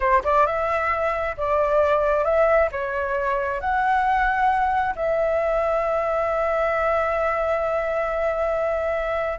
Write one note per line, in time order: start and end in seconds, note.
0.00 0.22 C5
0.24 0.46 D5
0.46 1.36 E5
1.37 2.24 D5
2.24 2.69 E5
2.71 3.60 C#5
3.60 4.94 F#5
4.95 9.39 E5